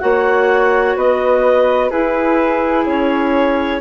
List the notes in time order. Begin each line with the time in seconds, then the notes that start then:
0.00 A#3 F#4 C#5 F#5
0.96 B3 B4 D#5
1.89 E4 G#4 B4
2.86 C#4 C#5